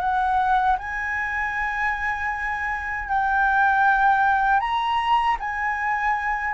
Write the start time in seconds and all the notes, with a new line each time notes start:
0.00 F#5
0.79 G#5
3.09 G5
4.60 A#5
5.40 G#5